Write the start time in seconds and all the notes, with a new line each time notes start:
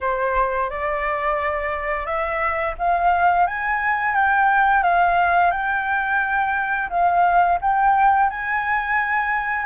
0.01 C5
0.70 D5
2.06 E5
2.78 F5
3.46 G#5
4.14 G5
4.83 F5
5.51 G5
6.89 F5
7.61 G5
8.29 G#5